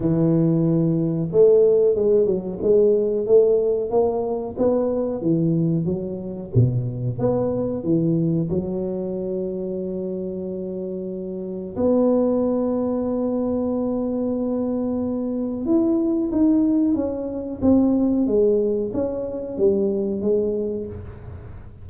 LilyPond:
\new Staff \with { instrumentName = "tuba" } { \time 4/4 \tempo 4 = 92 e2 a4 gis8 fis8 | gis4 a4 ais4 b4 | e4 fis4 b,4 b4 | e4 fis2.~ |
fis2 b2~ | b1 | e'4 dis'4 cis'4 c'4 | gis4 cis'4 g4 gis4 | }